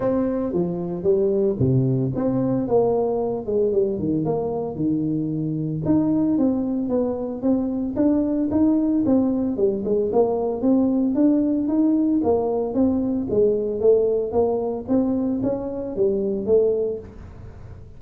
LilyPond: \new Staff \with { instrumentName = "tuba" } { \time 4/4 \tempo 4 = 113 c'4 f4 g4 c4 | c'4 ais4. gis8 g8 dis8 | ais4 dis2 dis'4 | c'4 b4 c'4 d'4 |
dis'4 c'4 g8 gis8 ais4 | c'4 d'4 dis'4 ais4 | c'4 gis4 a4 ais4 | c'4 cis'4 g4 a4 | }